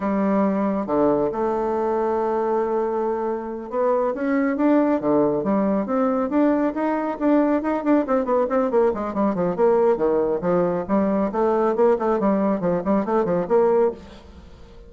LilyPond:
\new Staff \with { instrumentName = "bassoon" } { \time 4/4 \tempo 4 = 138 g2 d4 a4~ | a1~ | a8 b4 cis'4 d'4 d8~ | d8 g4 c'4 d'4 dis'8~ |
dis'8 d'4 dis'8 d'8 c'8 b8 c'8 | ais8 gis8 g8 f8 ais4 dis4 | f4 g4 a4 ais8 a8 | g4 f8 g8 a8 f8 ais4 | }